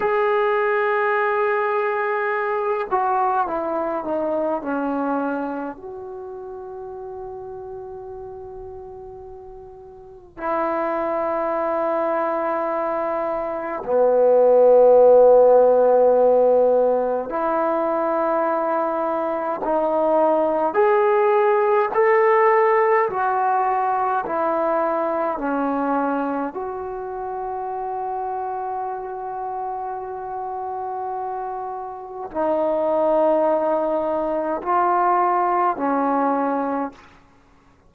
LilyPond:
\new Staff \with { instrumentName = "trombone" } { \time 4/4 \tempo 4 = 52 gis'2~ gis'8 fis'8 e'8 dis'8 | cis'4 fis'2.~ | fis'4 e'2. | b2. e'4~ |
e'4 dis'4 gis'4 a'4 | fis'4 e'4 cis'4 fis'4~ | fis'1 | dis'2 f'4 cis'4 | }